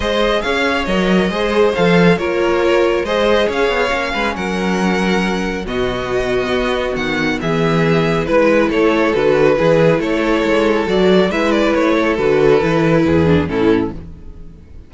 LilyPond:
<<
  \new Staff \with { instrumentName = "violin" } { \time 4/4 \tempo 4 = 138 dis''4 f''4 dis''2 | f''4 cis''2 dis''4 | f''2 fis''2~ | fis''4 dis''2. |
fis''4 e''2 b'4 | cis''4 b'2 cis''4~ | cis''4 d''4 e''8 d''8 cis''4 | b'2. a'4 | }
  \new Staff \with { instrumentName = "violin" } { \time 4/4 c''4 cis''2 c''4~ | c''4 ais'2 c''4 | cis''4. b'8 ais'2~ | ais'4 fis'2.~ |
fis'4 gis'2 b'4 | a'2 gis'4 a'4~ | a'2 b'4. a'8~ | a'2 gis'4 e'4 | }
  \new Staff \with { instrumentName = "viola" } { \time 4/4 gis'2 ais'4 gis'4 | a'4 f'2 gis'4~ | gis'4 cis'2.~ | cis'4 b2.~ |
b2. e'4~ | e'4 fis'4 e'2~ | e'4 fis'4 e'2 | fis'4 e'4. d'8 cis'4 | }
  \new Staff \with { instrumentName = "cello" } { \time 4/4 gis4 cis'4 fis4 gis4 | f4 ais2 gis4 | cis'8 b8 ais8 gis8 fis2~ | fis4 b,2 b4 |
dis4 e2 gis4 | a4 d4 e4 a4 | gis4 fis4 gis4 a4 | d4 e4 e,4 a,4 | }
>>